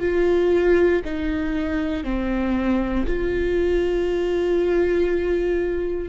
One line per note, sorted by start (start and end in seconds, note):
0.00 1.02 F4
1.04 2.04 D#4
2.04 3.06 C4
3.06 6.09 F4